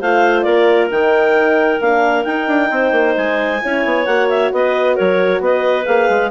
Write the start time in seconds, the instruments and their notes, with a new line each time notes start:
0.00 bassoon A3, horn F4, clarinet C5 F5
0.42 bassoon A#3, clarinet A#4 D5
0.90 bassoon D#3, horn D#4, clarinet G5
1.80 bassoon A#3, horn D4, clarinet F5
2.24 horn D#4, bassoon D#4, clarinet G5
2.47 bassoon D4
2.70 bassoon C4, clarinet C5
2.92 bassoon A#3
3.17 bassoon G#3, clarinet G#5
3.62 bassoon C#4, horn E4, clarinet C#5
3.85 bassoon B3
4.05 bassoon A#3, horn F#4, clarinet F#5
4.29 clarinet E5
4.52 bassoon B3, clarinet B4 D#5
4.95 bassoon F#3, clarinet A#4 C#5
5.40 bassoon B3, clarinet B4 D#5
5.85 bassoon A#3, horn G#4, clarinet F5
6.09 bassoon G#3